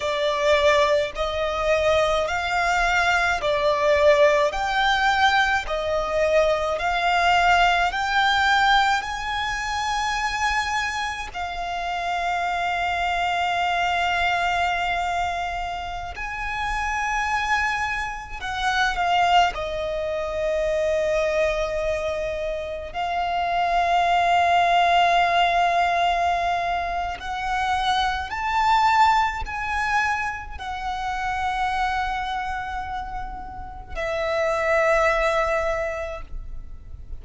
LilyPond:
\new Staff \with { instrumentName = "violin" } { \time 4/4 \tempo 4 = 53 d''4 dis''4 f''4 d''4 | g''4 dis''4 f''4 g''4 | gis''2 f''2~ | f''2~ f''16 gis''4.~ gis''16~ |
gis''16 fis''8 f''8 dis''2~ dis''8.~ | dis''16 f''2.~ f''8. | fis''4 a''4 gis''4 fis''4~ | fis''2 e''2 | }